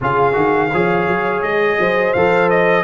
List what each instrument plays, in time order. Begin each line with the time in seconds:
0.00 tuba C#3, trombone F4, horn G#4, trumpet F5
0.32 tuba D#3, trombone F#4
0.72 tuba F3, trombone G#4, horn C#5
1.07 tuba F#3
1.42 tuba G#3, trumpet D#5
1.79 tuba F#3, horn C5
2.13 tuba F3, trombone A4, trumpet F5
2.49 trumpet D#5